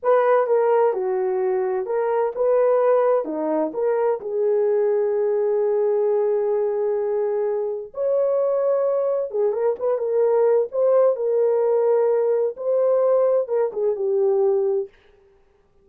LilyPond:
\new Staff \with { instrumentName = "horn" } { \time 4/4 \tempo 4 = 129 b'4 ais'4 fis'2 | ais'4 b'2 dis'4 | ais'4 gis'2.~ | gis'1~ |
gis'4 cis''2. | gis'8 ais'8 b'8 ais'4. c''4 | ais'2. c''4~ | c''4 ais'8 gis'8 g'2 | }